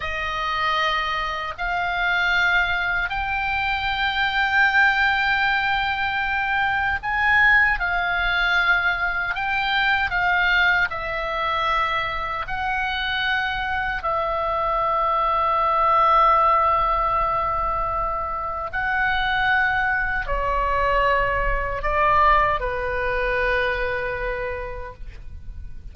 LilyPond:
\new Staff \with { instrumentName = "oboe" } { \time 4/4 \tempo 4 = 77 dis''2 f''2 | g''1~ | g''4 gis''4 f''2 | g''4 f''4 e''2 |
fis''2 e''2~ | e''1 | fis''2 cis''2 | d''4 b'2. | }